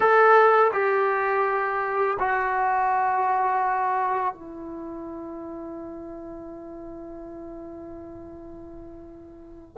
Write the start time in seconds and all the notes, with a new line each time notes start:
0.00 A4
0.72 G4
2.19 F#4
4.34 E4